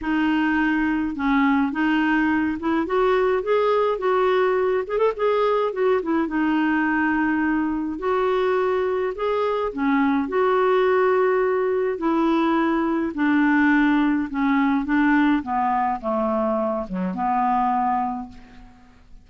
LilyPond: \new Staff \with { instrumentName = "clarinet" } { \time 4/4 \tempo 4 = 105 dis'2 cis'4 dis'4~ | dis'8 e'8 fis'4 gis'4 fis'4~ | fis'8 gis'16 a'16 gis'4 fis'8 e'8 dis'4~ | dis'2 fis'2 |
gis'4 cis'4 fis'2~ | fis'4 e'2 d'4~ | d'4 cis'4 d'4 b4 | a4. fis8 b2 | }